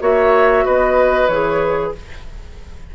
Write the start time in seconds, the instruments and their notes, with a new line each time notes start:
0.00 bassoon A#3, clarinet F#4, oboe C#5, flute E5
0.64 bassoon B3, oboe B4, flute D#5
1.28 bassoon E3, clarinet G#4, flute C#5